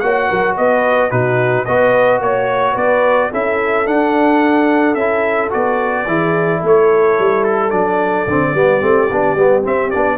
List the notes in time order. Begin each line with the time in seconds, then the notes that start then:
0.00 A#3 F#4 C#5 F#5
0.28 F#3 A#4
0.57 B3 B4 D#5
1.11 B2 D#4 F#4 B4
1.65 B3 F#4 B4 D#5
2.20 A#3 C#5
2.73 B3 B4 D5
3.31 C#4 E4 A4 E5
3.86 D4 F#5
4.95 C#4 E4 E5
5.50 B3 F#4 D5
6.07 E3 E4 G#4
6.59 A3 A4
6.67 C#5
7.19 G3
7.44 A4
7.71 F#3 D4 D5
8.27 D3 C4
8.53 G3 B3 G4
8.81 A3 C4
9.11 B3 D4
9.35 G3 B3
9.63 C4 E5
9.90 B3 D4 D5